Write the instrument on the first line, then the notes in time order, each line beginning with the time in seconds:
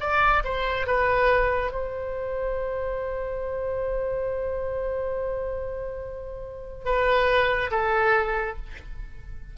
oboe
0.00 D5
0.44 C5
0.86 B4
1.71 C5
6.85 B4
7.71 A4